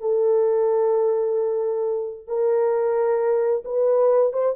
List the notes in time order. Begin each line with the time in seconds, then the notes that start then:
0.00 A4
2.27 A#4
3.64 B4
4.33 C5